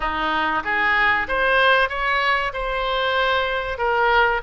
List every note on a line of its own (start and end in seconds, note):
0.00 0.63 D#4
0.63 1.27 G#4
1.27 1.89 C5
1.89 2.52 C#5
2.53 3.78 C5
3.78 4.41 A#4